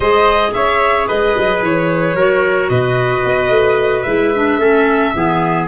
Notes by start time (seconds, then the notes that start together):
0.00 G#3 G#4 C5 D#5
0.53 C#4 C#5 E5
1.08 G#3 B4 D#5
1.37 F#3
1.62 E3 C#5
2.14 F#3 F#4 A#4
2.69 B2 B4 D#5
3.24 B3
3.49 A3
4.02 G#3 E4 E5
4.35 D4
4.58 A3 C#4 A4
5.14 E3 B3 G#4